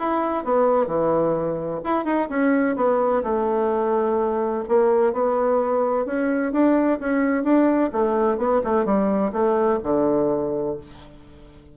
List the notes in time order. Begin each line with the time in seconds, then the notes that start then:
0.00 E4
0.45 B3
0.88 E3
1.85 E4
2.05 D#4
2.30 C#4
2.77 B3
3.24 A3
4.69 A#3
5.13 B3
6.06 C#4
6.53 D4
7.00 C#4
7.44 D4
7.93 A3
8.38 B3
8.64 A3
8.86 G3
9.33 A3
9.84 D3